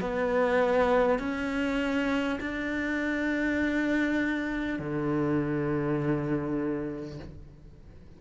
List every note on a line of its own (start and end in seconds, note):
0.00 1.19 B3
1.19 2.39 C#4
2.41 4.79 D4
4.79 7.19 D3